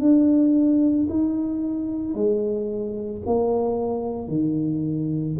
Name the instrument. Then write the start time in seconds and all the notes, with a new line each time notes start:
tuba
0.00 D4
1.09 D#4
2.14 G#3
3.26 A#3
4.28 D#3